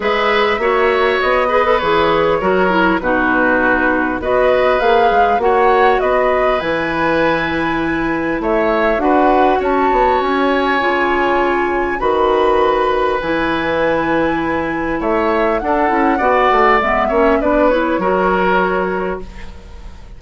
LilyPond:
<<
  \new Staff \with { instrumentName = "flute" } { \time 4/4 \tempo 4 = 100 e''2 dis''4 cis''4~ | cis''4 b'2 dis''4 | f''4 fis''4 dis''4 gis''4~ | gis''2 e''4 fis''4 |
a''4 gis''2. | b''2 gis''2~ | gis''4 e''4 fis''2 | e''4 d''8 cis''2~ cis''8 | }
  \new Staff \with { instrumentName = "oboe" } { \time 4/4 b'4 cis''4. b'4. | ais'4 fis'2 b'4~ | b'4 cis''4 b'2~ | b'2 cis''4 b'4 |
cis''1 | b'1~ | b'4 cis''4 a'4 d''4~ | d''8 cis''8 b'4 ais'2 | }
  \new Staff \with { instrumentName = "clarinet" } { \time 4/4 gis'4 fis'4. gis'16 a'16 gis'4 | fis'8 e'8 dis'2 fis'4 | gis'4 fis'2 e'4~ | e'2. fis'4~ |
fis'2 f'2 | fis'2 e'2~ | e'2 d'8 e'8 fis'4 | b8 cis'8 d'8 e'8 fis'2 | }
  \new Staff \with { instrumentName = "bassoon" } { \time 4/4 gis4 ais4 b4 e4 | fis4 b,2 b4 | ais8 gis8 ais4 b4 e4~ | e2 a4 d'4 |
cis'8 b8 cis'4 cis2 | dis2 e2~ | e4 a4 d'8 cis'8 b8 a8 | gis8 ais8 b4 fis2 | }
>>